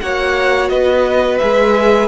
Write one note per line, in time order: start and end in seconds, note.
0.00 0.70 A#3
0.00 1.41 F#4
0.00 0.72 C#5
0.00 0.69 F#5
0.69 1.40 B3
0.69 2.08 B4
0.69 1.38 D#5
1.38 2.08 G#3
1.38 2.08 G#4
1.38 2.08 E5